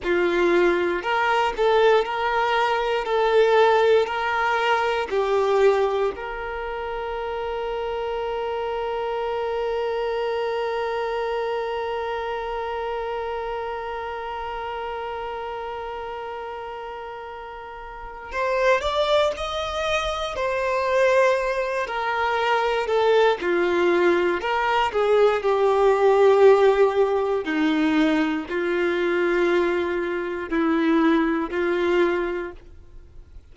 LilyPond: \new Staff \with { instrumentName = "violin" } { \time 4/4 \tempo 4 = 59 f'4 ais'8 a'8 ais'4 a'4 | ais'4 g'4 ais'2~ | ais'1~ | ais'1~ |
ais'2 c''8 d''8 dis''4 | c''4. ais'4 a'8 f'4 | ais'8 gis'8 g'2 dis'4 | f'2 e'4 f'4 | }